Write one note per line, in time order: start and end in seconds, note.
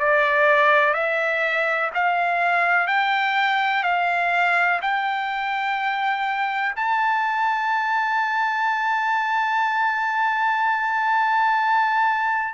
0.00 0.94 D5
0.94 1.91 E5
1.95 2.88 F5
2.88 3.84 G5
3.84 4.80 F5
4.82 6.76 G5
6.76 12.54 A5